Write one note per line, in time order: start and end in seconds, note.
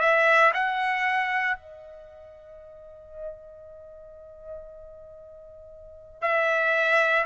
0.00 0.52 E5
0.54 1.58 F#5
1.58 6.22 D#5
6.22 7.26 E5